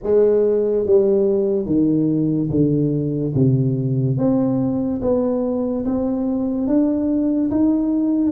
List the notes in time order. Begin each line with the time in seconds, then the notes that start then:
0.03 G#3
0.86 G3
1.66 D#3
2.50 D3
3.34 C3
4.17 C4
5.01 B3
5.85 C4
6.67 D4
7.50 D#4